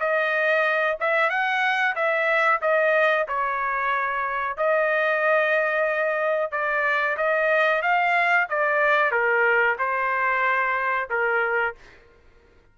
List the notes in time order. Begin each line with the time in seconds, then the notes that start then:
0.00 D#5
1.00 E5
1.30 F#5
1.96 E5
2.62 D#5
3.28 C#5
4.57 D#5
6.52 D5
7.17 D#5
7.83 F5
8.50 D5
9.12 A#4
9.79 C5
11.10 A#4